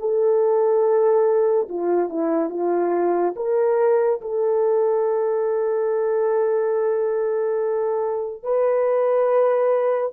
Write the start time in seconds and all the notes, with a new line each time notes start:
0.00 A4
1.69 F4
2.10 E4
2.50 F4
3.36 A#4
4.22 A4
8.44 B4